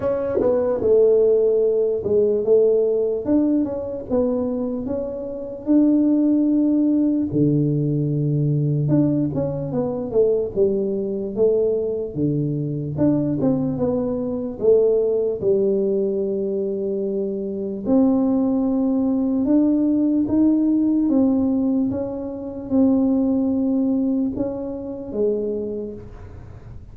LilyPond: \new Staff \with { instrumentName = "tuba" } { \time 4/4 \tempo 4 = 74 cis'8 b8 a4. gis8 a4 | d'8 cis'8 b4 cis'4 d'4~ | d'4 d2 d'8 cis'8 | b8 a8 g4 a4 d4 |
d'8 c'8 b4 a4 g4~ | g2 c'2 | d'4 dis'4 c'4 cis'4 | c'2 cis'4 gis4 | }